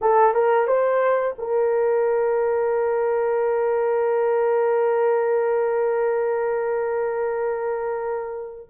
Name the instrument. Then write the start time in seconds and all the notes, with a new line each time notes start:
horn
0.01 A4
0.34 A#4
0.67 C5
1.38 A#4